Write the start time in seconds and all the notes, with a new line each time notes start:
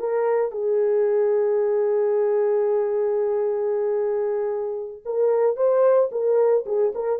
0.00 A#4
0.52 G#4
5.06 A#4
5.57 C5
6.12 A#4
6.67 G#4
6.95 A#4